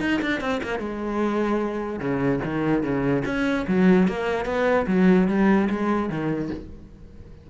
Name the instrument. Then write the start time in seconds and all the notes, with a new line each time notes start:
cello
0.00 D#4
0.21 D4
0.40 C4
0.63 A#3
0.79 G#3
1.99 C#3
2.44 D#3
2.82 C#3
3.25 C#4
3.67 F#3
4.07 A#3
4.45 B3
4.87 F#3
5.28 G3
5.69 G#3
6.09 D#3